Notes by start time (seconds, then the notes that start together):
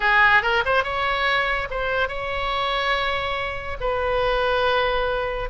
0.00 G#4
0.42 A#4
0.65 C5
0.83 C#5
1.70 C5
2.08 C#5
3.80 B4